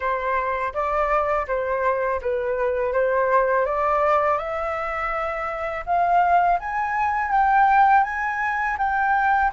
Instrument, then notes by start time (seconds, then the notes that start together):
flute
0.00 C5
0.73 D5
1.47 C5
2.21 B4
2.92 C5
3.65 D5
4.37 E5
5.85 F5
6.59 G#5
7.31 G5
8.03 G#5
8.77 G5